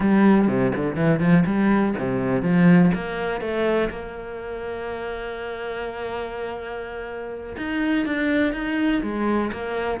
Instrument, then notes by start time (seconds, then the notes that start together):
cello
0.00 G3
0.47 C3
0.75 D3
0.95 E3
1.19 F3
1.45 G3
1.98 C3
2.42 F3
2.94 A#3
3.41 A3
3.90 A#3
7.57 D#4
8.05 D4
8.53 D#4
9.02 G#3
9.52 A#3